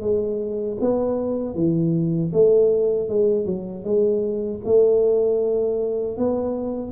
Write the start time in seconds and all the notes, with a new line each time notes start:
0.00 G#3
0.80 B3
1.54 E3
2.32 A3
3.09 G#3
3.45 F#3
3.84 G#3
4.65 A3
6.17 B3